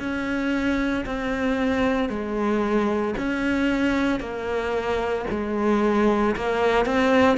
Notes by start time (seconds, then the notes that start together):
0.00 C#4
1.06 C4
2.10 G#3
3.18 C#4
4.20 A#3
5.31 G#3
6.36 A#3
6.86 C4